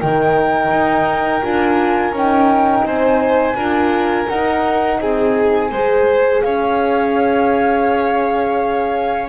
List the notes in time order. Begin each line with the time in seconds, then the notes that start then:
0.00 D#3 D#4 A#4 G5
0.71 D#4
1.43 D4 F4 G#5
2.12 C#4 D#4 G5
2.83 C4 C5 G#5
3.55 D4 F4 A#4
4.29 D#4 F#5
5.00 C4 G#4 G#5
5.71 G#3 G#4 C5
6.42 C#4 C#5 F5